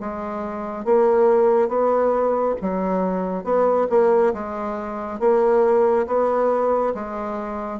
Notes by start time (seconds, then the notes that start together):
0.00 G#3
0.85 A#3
1.68 B3
2.62 F#3
3.44 B3
3.90 A#3
4.34 G#3
5.19 A#3
6.07 B3
6.94 G#3